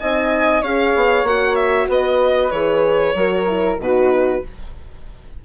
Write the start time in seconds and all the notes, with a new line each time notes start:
0.00 C4 D#4 D#5 G#5
0.62 C#4 G#4 C#5 F5
0.96 B3
1.24 A#3 F#4 F#5
1.56 E5
1.89 B3 B4 D#5
2.51 E3 G#4 C#5
3.15 F#3 F#4 A#4
3.47 E4
3.79 B2 D#4 F#4 B4